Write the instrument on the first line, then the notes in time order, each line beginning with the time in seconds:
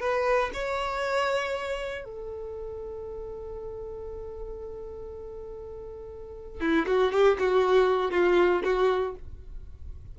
violin
0.00 B4
0.54 C#5
2.04 A4
6.60 E4
6.86 F#4
7.12 G4
7.39 F#4
8.11 F4
8.64 F#4